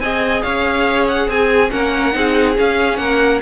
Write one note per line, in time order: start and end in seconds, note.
0.00 0.43 C4
0.00 1.71 G#4
0.00 0.44 D#5
0.00 0.43 G#5
0.43 1.28 C#4
0.43 1.29 C#5
0.43 1.07 F5
1.08 1.30 F#5
1.28 1.71 C4
1.28 1.73 G#4
1.28 1.71 G#5
1.71 2.15 A#3
1.71 2.13 C#4
1.71 2.16 A#4
1.71 2.56 F#5
2.13 2.58 C4
2.13 2.55 D#4
2.13 3.00 G#4
2.56 3.41 C#4
2.56 2.98 C#4
2.56 2.98 F5
2.98 3.41 A#3
2.98 3.42 A#4
2.98 3.40 F#5